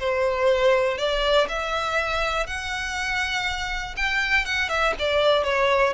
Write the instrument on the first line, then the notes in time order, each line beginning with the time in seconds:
violin
0.00 C5
0.98 D5
1.49 E5
2.47 F#5
3.97 G5
4.46 F#5
4.69 E5
4.99 D5
5.44 C#5